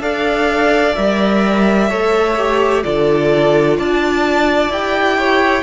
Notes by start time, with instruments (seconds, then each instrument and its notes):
0.00 cello D4, viola A4, violin D5 F5
0.95 cello G3, viola A#4, violin E5
1.89 cello A3, viola A4, violin C#5
2.38 viola G4
2.83 cello D3, viola F4, violin A4 D5
3.77 cello D4, violin D5 A5
4.69 cello E4, viola G4, violin G5
5.18 violin C#5